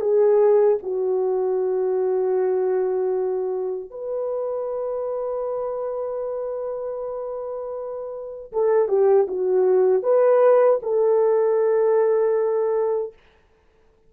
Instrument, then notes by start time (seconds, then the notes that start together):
horn
0.00 G#4
0.83 F#4
3.90 B4
8.52 A4
8.88 G4
9.27 F#4
10.02 B4
10.82 A4